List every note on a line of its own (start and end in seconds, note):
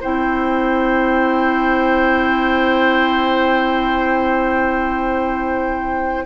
0.00 6.26 C4
0.00 6.26 E4
0.00 6.25 C5
0.00 6.26 G5